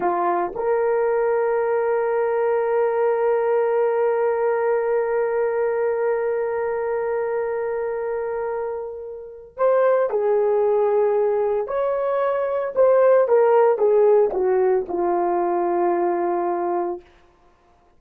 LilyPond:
\new Staff \with { instrumentName = "horn" } { \time 4/4 \tempo 4 = 113 f'4 ais'2.~ | ais'1~ | ais'1~ | ais'1~ |
ais'2 c''4 gis'4~ | gis'2 cis''2 | c''4 ais'4 gis'4 fis'4 | f'1 | }